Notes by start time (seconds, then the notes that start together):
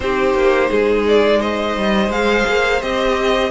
0.00 C4 D#4 G4 C5
0.34 A#3
0.70 G#3 G#4
1.07 D5
1.39 C5 D#5
1.76 G3
2.08 G#3 G#4 F5
2.48 A#3
2.81 C4 G4 D#5